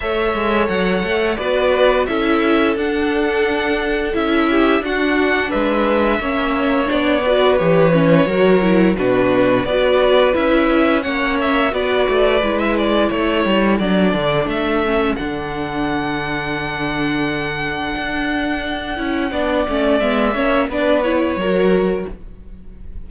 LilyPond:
<<
  \new Staff \with { instrumentName = "violin" } { \time 4/4 \tempo 4 = 87 e''4 fis''4 d''4 e''4 | fis''2 e''4 fis''4 | e''2 d''4 cis''4~ | cis''4 b'4 d''4 e''4 |
fis''8 e''8 d''4~ d''16 e''16 d''8 cis''4 | d''4 e''4 fis''2~ | fis''1~ | fis''4 e''4 d''8 cis''4. | }
  \new Staff \with { instrumentName = "violin" } { \time 4/4 cis''2 b'4 a'4~ | a'2~ a'8 g'8 fis'4 | b'4 cis''4. b'4. | ais'4 fis'4 b'2 |
cis''4 b'2 a'4~ | a'1~ | a'1 | d''4. cis''8 b'4 ais'4 | }
  \new Staff \with { instrumentName = "viola" } { \time 4/4 a'2 fis'4 e'4 | d'2 e'4 d'4~ | d'4 cis'4 d'8 fis'8 g'8 cis'8 | fis'8 e'8 d'4 fis'4 e'4 |
cis'4 fis'4 e'2 | d'4. cis'8 d'2~ | d'2.~ d'8 e'8 | d'8 cis'8 b8 cis'8 d'8 e'8 fis'4 | }
  \new Staff \with { instrumentName = "cello" } { \time 4/4 a8 gis8 fis8 a8 b4 cis'4 | d'2 cis'4 d'4 | gis4 ais4 b4 e4 | fis4 b,4 b4 cis'4 |
ais4 b8 a8 gis4 a8 g8 | fis8 d8 a4 d2~ | d2 d'4. cis'8 | b8 a8 gis8 ais8 b4 fis4 | }
>>